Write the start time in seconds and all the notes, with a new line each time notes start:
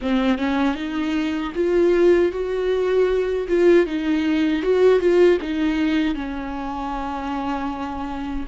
0.01 C4
0.38 C#4
0.75 D#4
1.55 F4
2.32 F#4
3.48 F4
3.86 D#4
4.62 F#4
4.99 F4
5.41 D#4
6.15 C#4